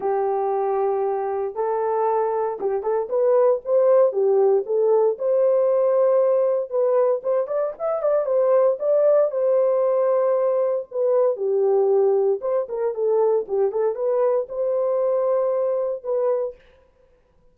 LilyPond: \new Staff \with { instrumentName = "horn" } { \time 4/4 \tempo 4 = 116 g'2. a'4~ | a'4 g'8 a'8 b'4 c''4 | g'4 a'4 c''2~ | c''4 b'4 c''8 d''8 e''8 d''8 |
c''4 d''4 c''2~ | c''4 b'4 g'2 | c''8 ais'8 a'4 g'8 a'8 b'4 | c''2. b'4 | }